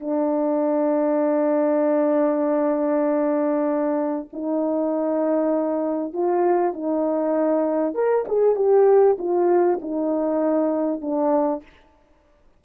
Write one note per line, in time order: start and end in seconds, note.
0.00 4.29 D4
4.33 6.14 D#4
6.14 6.73 F4
6.73 7.95 D#4
7.95 8.25 A#4
8.28 8.56 G#4
8.56 9.17 G4
9.19 9.80 F4
9.82 11.01 D#4
11.01 11.63 D4